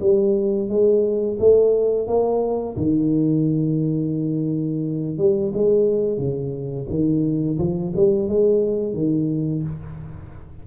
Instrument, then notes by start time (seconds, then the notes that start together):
tuba
0.00 G3
0.68 G#3
1.39 A3
2.07 A#3
2.76 D#3
5.17 G3
5.53 G#3
6.18 C#3
6.89 D#3
7.58 F3
7.95 G3
8.28 G#3
8.93 D#3